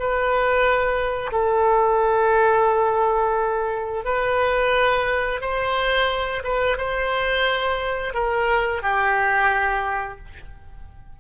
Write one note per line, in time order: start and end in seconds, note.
0.00 1.32 B4
1.32 4.05 A4
4.05 5.41 B4
5.41 6.43 C5
6.44 6.78 B4
6.78 8.14 C5
8.14 8.82 A#4
8.82 10.19 G4